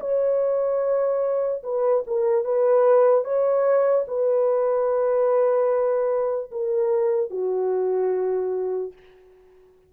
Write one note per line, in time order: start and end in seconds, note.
0.00 1.62 C#5
1.63 2.04 B4
2.07 2.44 A#4
2.44 3.24 B4
3.24 4.05 C#5
4.08 6.51 B4
6.51 7.30 A#4
7.30 8.93 F#4